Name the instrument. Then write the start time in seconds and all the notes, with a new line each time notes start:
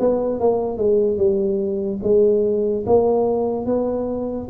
tuba
0.00 B3
0.40 A#3
0.78 G#3
1.17 G3
2.03 G#3
2.86 A#3
3.66 B3